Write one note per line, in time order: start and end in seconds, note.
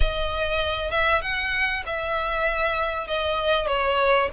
0.00 0.90 D#5
0.91 1.21 E5
1.21 1.83 F#5
1.86 3.07 E5
3.07 3.67 D#5
3.67 4.29 C#5